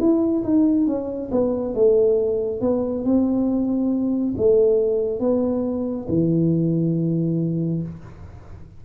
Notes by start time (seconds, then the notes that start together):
0.00 E4
0.43 D#4
0.87 C#4
1.31 B3
1.74 A3
2.61 B3
3.05 C4
4.38 A3
5.20 B3
6.09 E3